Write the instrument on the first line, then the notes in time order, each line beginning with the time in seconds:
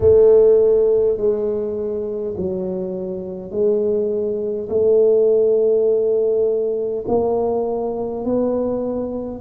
tuba
0.00 A3
1.17 G#3
2.37 F#3
3.50 G#3
4.68 A3
7.07 A#3
8.25 B3